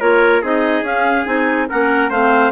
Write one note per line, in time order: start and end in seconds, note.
0.00 0.42 A#3
0.00 0.42 F4
0.00 0.41 A#4
0.00 0.42 C#5
0.41 0.81 C4
0.41 0.83 D#4
0.41 1.67 G#4
0.41 0.85 D#5
0.81 1.23 C#4
0.81 1.25 C#4
0.81 1.25 F5
1.25 1.68 C4
1.25 1.67 D#4
1.25 1.67 G#5
1.69 2.10 A#3
1.69 2.11 C#4
1.69 2.10 A#4
1.69 2.10 F#5
2.10 2.52 A3
2.10 2.52 C4
2.10 2.52 C5
2.10 2.52 F5